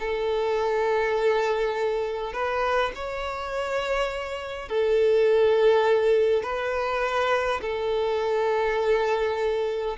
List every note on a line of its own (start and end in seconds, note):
0.00 2.33 A4
2.33 2.92 B4
2.95 4.69 C#5
4.69 6.43 A4
6.43 7.61 B4
7.62 9.97 A4